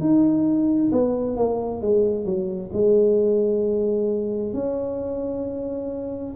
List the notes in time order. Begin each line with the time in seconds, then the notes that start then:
0.00 D#4
0.92 B3
1.36 A#3
1.82 G#3
2.25 F#3
2.73 G#3
4.53 C#4